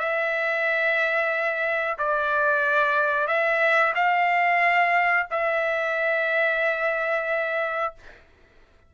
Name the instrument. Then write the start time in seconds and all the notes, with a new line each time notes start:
trumpet
0.00 E5
1.98 D5
3.28 E5
3.96 F5
5.31 E5